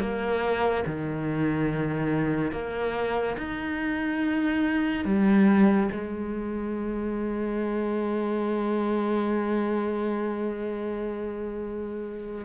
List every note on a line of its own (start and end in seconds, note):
0.00 0.85 A#3
0.86 2.52 D#3
2.52 3.37 A#3
3.38 5.06 D#4
5.06 5.90 G3
5.92 12.45 G#3